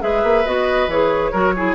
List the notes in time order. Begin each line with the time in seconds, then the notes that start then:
0.00 G#3 G#4 B4 E5
0.23 A#3
0.46 B3 F#4 D#5
0.87 E3 G#4 C#5
1.32 F#3 F#4 A#4
1.56 E4 G#4